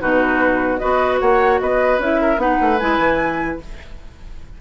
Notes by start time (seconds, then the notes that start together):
0.00 B2 D#4 F#4 B4
0.77 B3 F#4 B4 D#5
1.20 A#3 C#5 F#5
1.61 B3 B4 D#5
1.98 C#4 E4 E5
2.21 A#4
2.37 B3 D#4 B4 F#5
2.61 A3
2.79 G#3 E4 G#5
2.98 E3